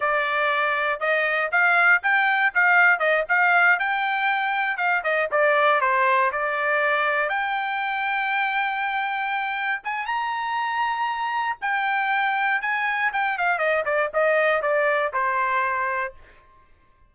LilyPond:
\new Staff \with { instrumentName = "trumpet" } { \time 4/4 \tempo 4 = 119 d''2 dis''4 f''4 | g''4 f''4 dis''8 f''4 g''8~ | g''4. f''8 dis''8 d''4 c''8~ | c''8 d''2 g''4.~ |
g''2.~ g''8 gis''8 | ais''2. g''4~ | g''4 gis''4 g''8 f''8 dis''8 d''8 | dis''4 d''4 c''2 | }